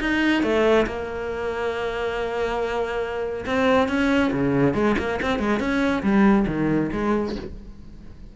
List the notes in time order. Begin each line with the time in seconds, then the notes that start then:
0.00 D#4
0.43 A3
0.87 A#3
3.46 C4
3.88 C#4
4.32 C#3
4.74 G#3
4.99 A#3
5.22 C4
5.39 G#3
5.60 C#4
6.03 G3
6.47 D#3
6.92 G#3